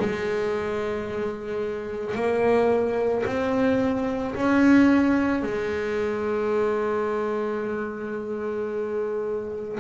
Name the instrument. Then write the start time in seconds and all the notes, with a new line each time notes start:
double bass
0.00 G#3
2.15 A#3
3.26 C4
4.35 C#4
5.42 G#3